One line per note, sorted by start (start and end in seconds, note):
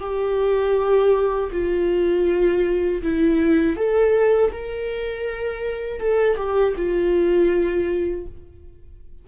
0.00 1.50 G4
1.52 3.02 F4
3.02 3.76 E4
3.76 4.51 A4
4.52 6.00 A#4
6.00 6.37 A4
6.37 6.74 G4
6.76 8.26 F4